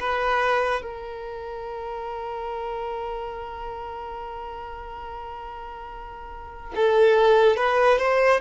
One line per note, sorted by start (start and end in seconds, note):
0.00 0.82 B4
0.82 6.74 A#4
6.76 7.56 A4
7.56 7.99 B4
7.99 8.41 C5